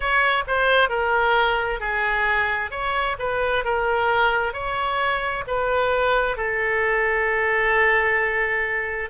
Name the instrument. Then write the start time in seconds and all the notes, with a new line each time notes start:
oboe
0.00 C#5
0.47 C5
0.89 A#4
1.80 G#4
2.70 C#5
3.19 B4
3.64 A#4
4.52 C#5
5.47 B4
6.36 A4